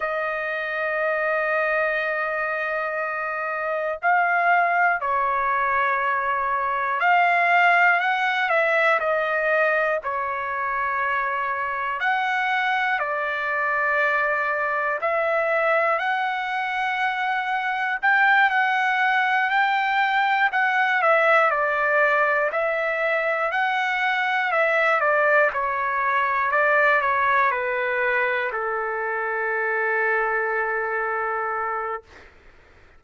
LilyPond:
\new Staff \with { instrumentName = "trumpet" } { \time 4/4 \tempo 4 = 60 dis''1 | f''4 cis''2 f''4 | fis''8 e''8 dis''4 cis''2 | fis''4 d''2 e''4 |
fis''2 g''8 fis''4 g''8~ | g''8 fis''8 e''8 d''4 e''4 fis''8~ | fis''8 e''8 d''8 cis''4 d''8 cis''8 b'8~ | b'8 a'2.~ a'8 | }